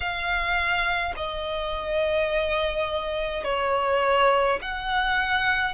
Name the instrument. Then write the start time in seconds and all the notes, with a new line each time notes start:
violin
0.00 F5
1.16 D#5
3.44 C#5
4.61 F#5